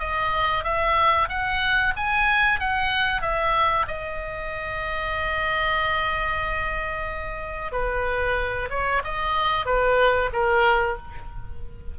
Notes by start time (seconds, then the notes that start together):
0.00 D#5
0.65 E5
1.29 F#5
1.97 G#5
2.60 F#5
3.22 E5
3.88 D#5
7.72 B4
8.70 C#5
9.04 D#5
9.66 B4
10.33 A#4